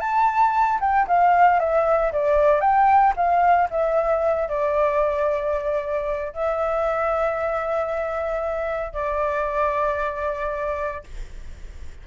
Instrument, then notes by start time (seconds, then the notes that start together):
flute
0.00 A5
0.80 G5
1.07 F5
1.59 E5
2.12 D5
2.61 G5
3.16 F5
3.70 E5
4.48 D5
6.33 E5
8.93 D5